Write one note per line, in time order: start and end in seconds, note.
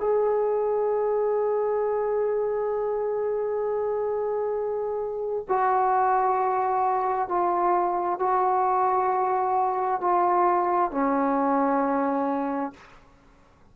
0.00 5.45 G#4
5.48 7.28 F#4
7.28 8.19 F4
8.19 10.01 F#4
10.01 10.91 F4
10.91 12.73 C#4